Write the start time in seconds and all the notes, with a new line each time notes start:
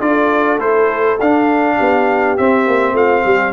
0.00 D4 F4 A4 D5
0.59 A3 E4 C5
1.20 D4 F5
1.76 B3 G4
2.37 C4 E5
2.67 A#3
2.93 A3 F4 F5
3.24 G3 G4